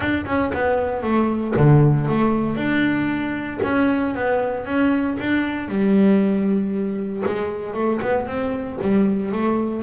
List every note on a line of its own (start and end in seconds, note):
0.00 0.25 D4
0.25 0.51 C#4
0.54 1.02 B3
1.02 1.54 A3
1.57 2.08 D3
2.08 2.56 A3
2.56 3.59 D4
3.63 4.14 C#4
4.14 4.65 B3
4.65 5.17 C#4
5.19 5.68 D4
5.68 7.23 G3
7.26 7.73 G#3
7.73 7.99 A3
8.01 8.26 B3
8.26 8.78 C4
8.81 9.32 G3
9.32 9.83 A3